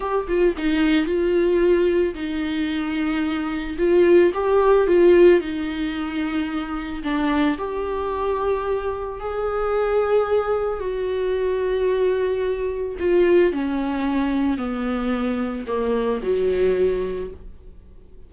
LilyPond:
\new Staff \with { instrumentName = "viola" } { \time 4/4 \tempo 4 = 111 g'8 f'8 dis'4 f'2 | dis'2. f'4 | g'4 f'4 dis'2~ | dis'4 d'4 g'2~ |
g'4 gis'2. | fis'1 | f'4 cis'2 b4~ | b4 ais4 fis2 | }